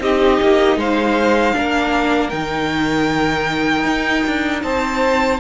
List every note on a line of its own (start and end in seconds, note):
0.00 0.38 C4
0.00 1.54 D#4
0.00 0.79 G4
0.00 0.79 D#5
0.42 0.77 A#3
0.77 1.54 G#3
0.77 1.56 C5
0.77 2.30 F5
1.54 2.33 A#3
1.54 2.31 D4
1.54 4.64 A#4
2.30 3.85 D#3
2.30 5.40 D#4
2.30 4.61 G5
3.85 4.23 D#4
4.28 4.64 D4
4.63 5.40 C4
4.63 5.40 C5
4.63 5.40 A5